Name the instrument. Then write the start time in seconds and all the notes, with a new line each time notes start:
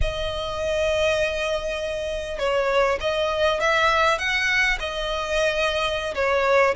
violin
0.01 D#5
2.38 C#5
3.00 D#5
3.60 E5
4.18 F#5
4.79 D#5
6.14 C#5